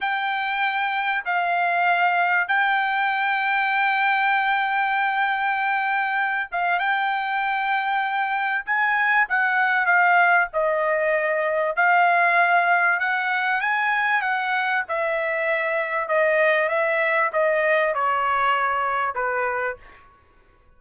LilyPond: \new Staff \with { instrumentName = "trumpet" } { \time 4/4 \tempo 4 = 97 g''2 f''2 | g''1~ | g''2~ g''8 f''8 g''4~ | g''2 gis''4 fis''4 |
f''4 dis''2 f''4~ | f''4 fis''4 gis''4 fis''4 | e''2 dis''4 e''4 | dis''4 cis''2 b'4 | }